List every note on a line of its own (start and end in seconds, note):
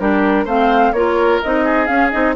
0.00 0.45 G3
0.00 0.47 D4
0.00 0.45 G4
0.00 0.47 A#4
0.45 0.93 A3
0.45 0.94 C4
0.45 0.92 C5
0.45 0.93 F5
0.93 1.40 A#3
0.93 1.43 F4
0.93 1.65 A#4
0.93 1.40 C#5
1.43 1.89 C4
1.43 1.88 D#4
1.43 1.87 D#5
1.65 2.36 G#4
1.87 2.12 C#4
1.87 2.10 F5
2.11 2.36 C4
2.11 2.36 D#4
2.11 2.34 D#5